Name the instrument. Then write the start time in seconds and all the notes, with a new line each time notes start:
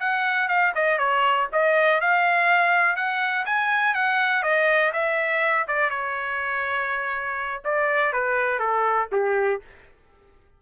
trumpet
0.00 F#5
0.49 F5
0.75 D#5
0.99 C#5
1.53 D#5
2.01 F5
2.96 F#5
3.46 G#5
3.95 F#5
4.43 D#5
4.93 E5
5.68 D5
5.90 C#5
7.65 D5
8.13 B4
8.60 A4
9.13 G4